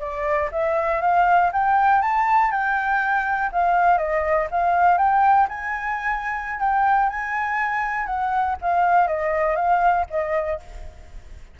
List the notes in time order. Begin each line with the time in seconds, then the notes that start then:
0.00 D5
0.52 E5
1.01 F5
1.52 G5
2.02 A5
2.51 G5
3.52 F5
3.98 D#5
4.51 F5
4.97 G5
5.48 G#5
6.60 G5
7.09 G#5
8.06 F#5
8.61 F5
9.07 D#5
9.55 F5
10.10 D#5